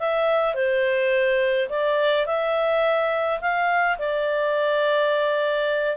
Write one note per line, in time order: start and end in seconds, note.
0.00 0.55 E5
0.55 1.69 C5
1.70 2.26 D5
2.26 3.41 E5
3.41 3.98 F5
3.99 5.97 D5